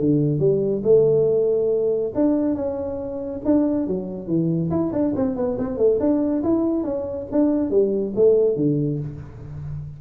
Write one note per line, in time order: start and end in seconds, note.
0.00 0.39 D3
0.39 0.82 G3
0.84 2.13 A3
2.15 2.55 D4
2.55 3.41 C#4
3.45 3.88 D4
3.88 4.28 F#3
4.28 4.71 E3
4.71 4.92 E4
4.93 5.14 D4
5.16 5.36 C4
5.36 5.58 B3
5.59 5.78 C4
5.78 5.99 A3
6.00 6.43 D4
6.44 6.84 E4
6.84 7.27 C#4
7.32 7.71 D4
7.71 8.14 G3
8.16 8.56 A3
8.56 8.99 D3